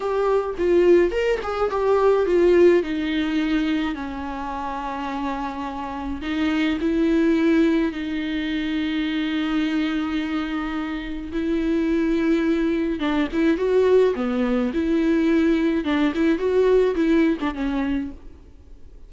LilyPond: \new Staff \with { instrumentName = "viola" } { \time 4/4 \tempo 4 = 106 g'4 f'4 ais'8 gis'8 g'4 | f'4 dis'2 cis'4~ | cis'2. dis'4 | e'2 dis'2~ |
dis'1 | e'2. d'8 e'8 | fis'4 b4 e'2 | d'8 e'8 fis'4 e'8. d'16 cis'4 | }